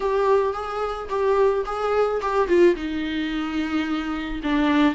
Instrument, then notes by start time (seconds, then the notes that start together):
viola
0.00 G4
0.53 G#4
1.09 G4
1.65 G#4
2.21 G4
2.47 F4
2.75 D#4
4.43 D4